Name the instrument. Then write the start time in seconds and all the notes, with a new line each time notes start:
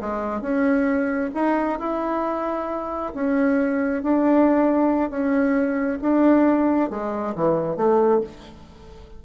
bassoon
0.00 G#3
0.41 C#4
1.34 D#4
1.79 E4
3.14 C#4
4.02 D4
5.10 C#4
6.01 D4
6.90 G#3
7.35 E3
7.76 A3